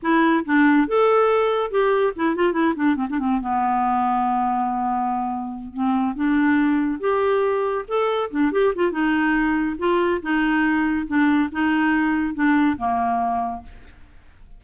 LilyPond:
\new Staff \with { instrumentName = "clarinet" } { \time 4/4 \tempo 4 = 141 e'4 d'4 a'2 | g'4 e'8 f'8 e'8 d'8 c'16 d'16 c'8 | b1~ | b4. c'4 d'4.~ |
d'8 g'2 a'4 d'8 | g'8 f'8 dis'2 f'4 | dis'2 d'4 dis'4~ | dis'4 d'4 ais2 | }